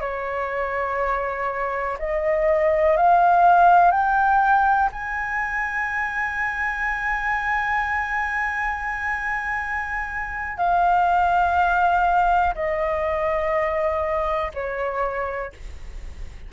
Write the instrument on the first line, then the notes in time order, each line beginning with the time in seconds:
flute
0.00 C#5
1.99 D#5
2.96 F5
3.91 G5
4.92 G#5
10.57 F5
12.55 D#5
14.54 C#5